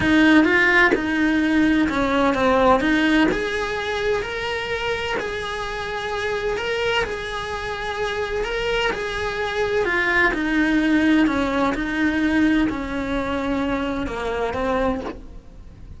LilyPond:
\new Staff \with { instrumentName = "cello" } { \time 4/4 \tempo 4 = 128 dis'4 f'4 dis'2 | cis'4 c'4 dis'4 gis'4~ | gis'4 ais'2 gis'4~ | gis'2 ais'4 gis'4~ |
gis'2 ais'4 gis'4~ | gis'4 f'4 dis'2 | cis'4 dis'2 cis'4~ | cis'2 ais4 c'4 | }